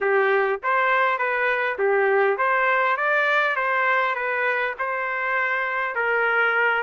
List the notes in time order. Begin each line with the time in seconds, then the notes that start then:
0.01 G4
0.63 C5
1.18 B4
1.78 G4
2.37 C5
2.96 D5
3.55 C5
4.15 B4
4.78 C5
5.95 A#4